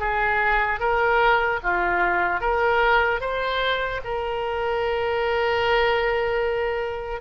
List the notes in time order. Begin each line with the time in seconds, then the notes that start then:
0.00 G#4
0.80 A#4
1.63 F4
2.40 A#4
3.20 C5
4.04 A#4